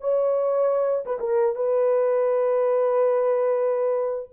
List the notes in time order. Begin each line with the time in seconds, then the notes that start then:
0.00 C#5
1.05 B4
1.19 A#4
1.55 B4